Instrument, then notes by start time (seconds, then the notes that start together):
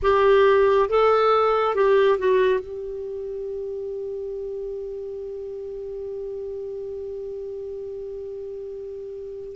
clarinet
0.02 G4
0.89 A4
1.74 G4
2.18 F#4
2.60 G4